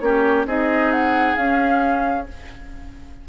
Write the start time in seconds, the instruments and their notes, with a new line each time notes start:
0.00 bassoon A#3, clarinet C#4, oboe G4, flute C#5
0.45 bassoon C4, clarinet D#4, oboe G#4, flute D#5
0.92 flute F#5
1.36 bassoon C#4, clarinet C#4, flute F5